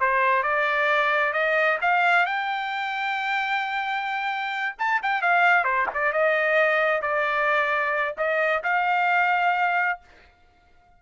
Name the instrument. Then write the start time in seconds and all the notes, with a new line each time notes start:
trumpet
0.00 C5
0.43 D5
1.33 D#5
1.81 F5
2.25 G5
4.78 A5
5.02 G5
5.21 F5
5.64 C5
5.93 D5
6.12 D#5
7.01 D5
8.17 D#5
8.63 F5